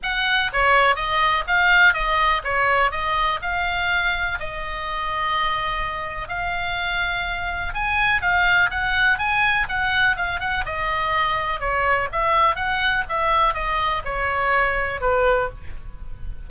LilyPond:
\new Staff \with { instrumentName = "oboe" } { \time 4/4 \tempo 4 = 124 fis''4 cis''4 dis''4 f''4 | dis''4 cis''4 dis''4 f''4~ | f''4 dis''2.~ | dis''4 f''2. |
gis''4 f''4 fis''4 gis''4 | fis''4 f''8 fis''8 dis''2 | cis''4 e''4 fis''4 e''4 | dis''4 cis''2 b'4 | }